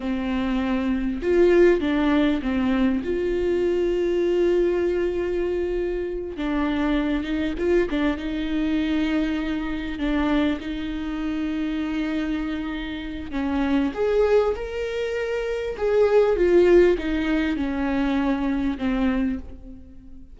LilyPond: \new Staff \with { instrumentName = "viola" } { \time 4/4 \tempo 4 = 99 c'2 f'4 d'4 | c'4 f'2.~ | f'2~ f'8 d'4. | dis'8 f'8 d'8 dis'2~ dis'8~ |
dis'8 d'4 dis'2~ dis'8~ | dis'2 cis'4 gis'4 | ais'2 gis'4 f'4 | dis'4 cis'2 c'4 | }